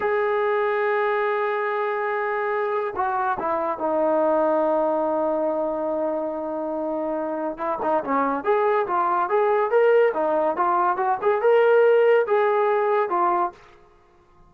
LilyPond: \new Staff \with { instrumentName = "trombone" } { \time 4/4 \tempo 4 = 142 gis'1~ | gis'2. fis'4 | e'4 dis'2.~ | dis'1~ |
dis'2 e'8 dis'8 cis'4 | gis'4 f'4 gis'4 ais'4 | dis'4 f'4 fis'8 gis'8 ais'4~ | ais'4 gis'2 f'4 | }